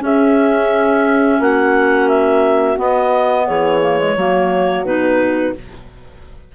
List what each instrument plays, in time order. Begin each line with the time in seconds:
0.00 clarinet C#4 E5, bassoon C#4, horn G#4
1.39 bassoon A#3, horn F#4, clarinet F#5
2.08 clarinet E5
2.76 clarinet B3 D#5, bassoon B3
3.47 bassoon E3, horn G#4, clarinet C#5
3.82 clarinet A#3
3.99 clarinet G#3
4.16 bassoon F#3, clarinet A#3, horn F#4
4.84 bassoon B2, clarinet D#4 B4